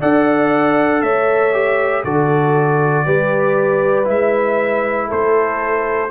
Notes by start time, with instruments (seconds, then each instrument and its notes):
0.00 tuba D4, trombone A4, horn D5, trumpet F#5
1.02 tuba A3, horn C#5, trumpet E5
1.53 trombone G4
2.04 tuba D3, trombone F#4, horn A4, trumpet D5
3.06 tuba G3, trombone G4, horn B4
4.05 tuba G#3, trombone E4, trumpet E5
5.08 tuba A3, horn A4, trumpet C5